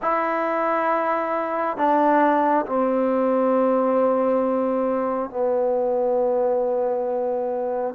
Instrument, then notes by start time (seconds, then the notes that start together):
trombone
0.02 E4
1.77 D4
2.66 C4
5.30 B3